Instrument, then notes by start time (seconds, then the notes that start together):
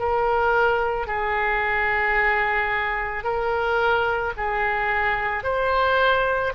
oboe
0.00 A#4
1.08 G#4
3.24 A#4
4.37 G#4
5.44 C5